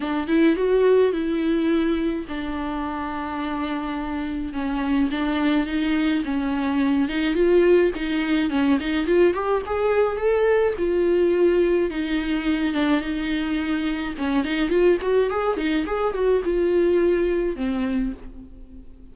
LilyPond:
\new Staff \with { instrumentName = "viola" } { \time 4/4 \tempo 4 = 106 d'8 e'8 fis'4 e'2 | d'1 | cis'4 d'4 dis'4 cis'4~ | cis'8 dis'8 f'4 dis'4 cis'8 dis'8 |
f'8 g'8 gis'4 a'4 f'4~ | f'4 dis'4. d'8 dis'4~ | dis'4 cis'8 dis'8 f'8 fis'8 gis'8 dis'8 | gis'8 fis'8 f'2 c'4 | }